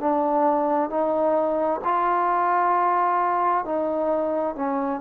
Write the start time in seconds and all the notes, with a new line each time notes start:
0.00 D4
0.90 D#4
1.84 F4
3.65 D#4
4.55 C#4